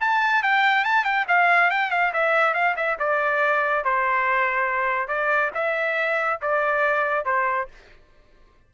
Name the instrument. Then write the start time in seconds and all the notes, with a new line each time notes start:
trumpet
0.00 A5
0.42 G5
0.84 A5
1.04 G5
1.28 F5
1.70 G5
1.91 F5
2.13 E5
2.54 F5
2.76 E5
2.99 D5
3.84 C5
5.08 D5
5.54 E5
6.41 D5
7.25 C5